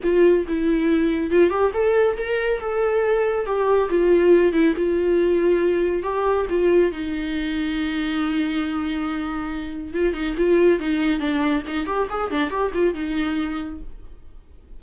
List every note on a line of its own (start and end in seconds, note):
0.03 0.46 F4
0.48 1.30 E4
1.30 1.50 F4
1.50 1.71 G4
1.73 2.16 A4
2.17 2.60 A#4
2.60 3.46 A4
3.46 3.89 G4
3.89 4.52 F4
4.52 4.74 E4
4.76 6.02 F4
6.02 6.45 G4
6.49 6.92 F4
6.92 9.93 D#4
9.93 10.13 F4
10.13 10.35 D#4
10.37 10.79 F4
10.79 11.19 D#4
11.19 11.63 D4
11.67 11.86 D#4
11.86 12.07 G4
12.09 12.31 G#4
12.31 12.50 D4
12.50 12.71 G4
12.74 12.94 F4
12.94 13.80 D#4